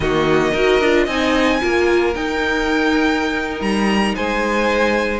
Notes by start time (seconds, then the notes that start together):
0.00 D#3 A#3 F#4 D#5
0.51 D#4 F#4 A#4
0.80 D4 F4
1.04 C4 D#4 D#5 G#5
1.60 A#3 F4 A#4
2.14 D#4 G5
3.60 G3 A#5
4.15 G#3 C5 G#5